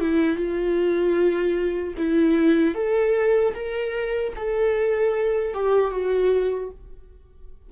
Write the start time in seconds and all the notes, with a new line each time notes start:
0.00 E4
0.36 F4
1.97 E4
2.75 A4
3.54 A#4
4.36 A4
5.53 G4
5.91 F#4